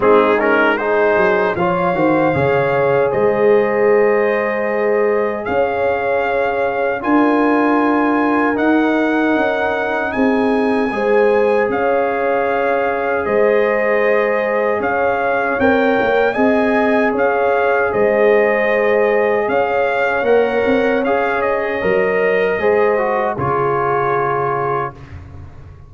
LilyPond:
<<
  \new Staff \with { instrumentName = "trumpet" } { \time 4/4 \tempo 4 = 77 gis'8 ais'8 c''4 f''2 | dis''2. f''4~ | f''4 gis''2 fis''4~ | fis''4 gis''2 f''4~ |
f''4 dis''2 f''4 | g''4 gis''4 f''4 dis''4~ | dis''4 f''4 fis''4 f''8 dis''8~ | dis''2 cis''2 | }
  \new Staff \with { instrumentName = "horn" } { \time 4/4 dis'4 gis'4 cis''8 c''8 cis''4 | c''2. cis''4~ | cis''4 ais'2.~ | ais'4 gis'4 c''4 cis''4~ |
cis''4 c''2 cis''4~ | cis''4 dis''4 cis''4 c''4~ | c''4 cis''2.~ | cis''4 c''4 gis'2 | }
  \new Staff \with { instrumentName = "trombone" } { \time 4/4 c'8 cis'8 dis'4 f'8 fis'8 gis'4~ | gis'1~ | gis'4 f'2 dis'4~ | dis'2 gis'2~ |
gis'1 | ais'4 gis'2.~ | gis'2 ais'4 gis'4 | ais'4 gis'8 fis'8 f'2 | }
  \new Staff \with { instrumentName = "tuba" } { \time 4/4 gis4. fis8 f8 dis8 cis4 | gis2. cis'4~ | cis'4 d'2 dis'4 | cis'4 c'4 gis4 cis'4~ |
cis'4 gis2 cis'4 | c'8 ais8 c'4 cis'4 gis4~ | gis4 cis'4 ais8 c'8 cis'4 | fis4 gis4 cis2 | }
>>